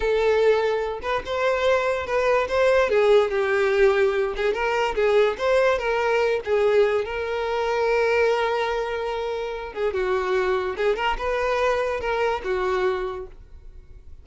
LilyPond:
\new Staff \with { instrumentName = "violin" } { \time 4/4 \tempo 4 = 145 a'2~ a'8 b'8 c''4~ | c''4 b'4 c''4 gis'4 | g'2~ g'8 gis'8 ais'4 | gis'4 c''4 ais'4. gis'8~ |
gis'4 ais'2.~ | ais'2.~ ais'8 gis'8 | fis'2 gis'8 ais'8 b'4~ | b'4 ais'4 fis'2 | }